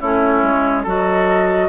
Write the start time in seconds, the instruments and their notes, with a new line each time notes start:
0.00 bassoon A3, clarinet C#4, oboe E4, flute C#5
0.42 bassoon G#3
0.83 bassoon F#3, clarinet F#4, oboe A4, flute D#5